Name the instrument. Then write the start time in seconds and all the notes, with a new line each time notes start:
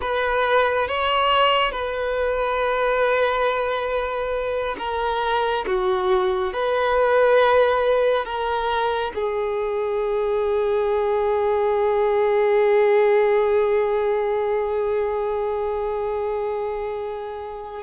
violin
0.01 B4
0.88 C#5
1.72 B4
4.78 A#4
5.66 F#4
6.53 B4
8.25 A#4
9.15 G#4